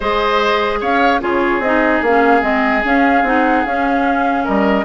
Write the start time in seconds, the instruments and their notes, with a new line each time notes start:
0.00 bassoon G#3, clarinet G#4, oboe C5, flute D#5
0.80 bassoon C#4, oboe C#5, flute F5
1.20 bassoon C#3, clarinet F4, oboe G#4, flute C#5
1.59 bassoon C4, clarinet D#4, flute D#5
2.02 bassoon A#3, clarinet C#4, flute F5
2.41 bassoon G#3, clarinet C4, flute D#5
2.83 clarinet C#4, bassoon C#4, flute F5
3.22 bassoon C4, clarinet D#4, flute F#5
3.65 bassoon C#4, clarinet C#4, flute F5
4.43 bassoon G3, oboe A#4, flute D#5